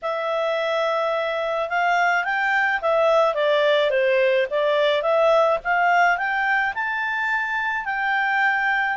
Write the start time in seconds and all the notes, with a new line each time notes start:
0.02 E5
1.69 F5
2.24 G5
2.81 E5
3.34 D5
3.90 C5
4.50 D5
5.02 E5
5.64 F5
6.17 G5
6.74 A5
7.85 G5